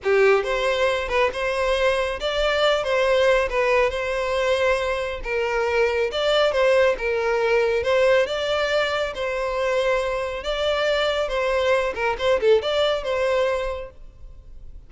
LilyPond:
\new Staff \with { instrumentName = "violin" } { \time 4/4 \tempo 4 = 138 g'4 c''4. b'8 c''4~ | c''4 d''4. c''4. | b'4 c''2. | ais'2 d''4 c''4 |
ais'2 c''4 d''4~ | d''4 c''2. | d''2 c''4. ais'8 | c''8 a'8 d''4 c''2 | }